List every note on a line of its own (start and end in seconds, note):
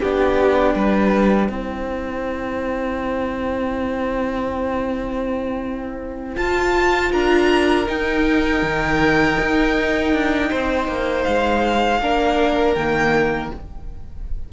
0.00 0.75 B3
0.00 1.51 D4
0.00 0.75 G4
0.00 6.38 G5
0.75 1.49 G3
0.75 1.51 B4
1.49 6.37 C4
1.49 6.37 E4
1.49 7.12 C5
6.37 7.87 F4
6.37 7.12 F4
6.37 7.12 A5
7.12 7.88 D4
7.12 10.50 A#4
7.12 7.88 A#5
7.87 11.99 D#4
7.87 8.63 D#4
7.87 11.24 G5
8.63 9.38 D#3
9.40 10.14 D#4
10.14 10.51 D4
10.50 10.88 C4
10.50 12.00 C5
10.88 11.25 A#3
11.24 12.02 G#3
11.24 12.74 F5
12.02 12.76 A#3
12.02 12.78 D4
12.02 13.53 A#4
12.74 13.51 D#3
12.74 13.53 A#3
12.74 13.49 G5